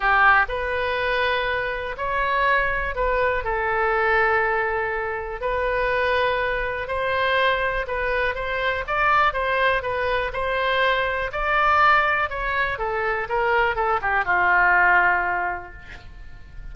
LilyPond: \new Staff \with { instrumentName = "oboe" } { \time 4/4 \tempo 4 = 122 g'4 b'2. | cis''2 b'4 a'4~ | a'2. b'4~ | b'2 c''2 |
b'4 c''4 d''4 c''4 | b'4 c''2 d''4~ | d''4 cis''4 a'4 ais'4 | a'8 g'8 f'2. | }